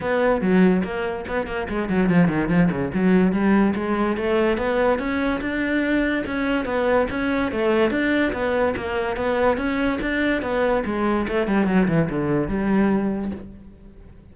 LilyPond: \new Staff \with { instrumentName = "cello" } { \time 4/4 \tempo 4 = 144 b4 fis4 ais4 b8 ais8 | gis8 fis8 f8 dis8 f8 cis8 fis4 | g4 gis4 a4 b4 | cis'4 d'2 cis'4 |
b4 cis'4 a4 d'4 | b4 ais4 b4 cis'4 | d'4 b4 gis4 a8 g8 | fis8 e8 d4 g2 | }